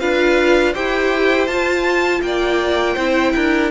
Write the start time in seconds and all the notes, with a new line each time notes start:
0.00 D4 F4 B4 F5
0.73 E4 G4 C5 G5
1.47 F4 A5
2.23 A#3 D5 G5
2.95 C4 E4 C5
3.35 D4 A#4